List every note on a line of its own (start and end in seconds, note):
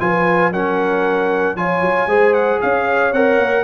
0.00 0.51 F3
0.00 0.52 F4
0.00 0.52 B4
0.00 0.52 G#5
0.51 1.56 F#3
0.51 1.57 C#4
0.51 1.56 A#4
0.51 1.56 F#5
1.56 1.81 F3
1.56 2.09 F4
1.56 2.08 C#5
1.56 2.33 G#5
1.81 2.06 F#3
2.06 2.59 G#3
2.06 3.13 G#4
2.06 2.60 C5
2.33 2.60 F#5
2.61 3.12 C#4
2.61 3.64 C#5
2.61 3.13 F5
3.12 3.38 C4
3.12 3.64 A#4
3.12 3.64 F#5
3.38 3.64 A#3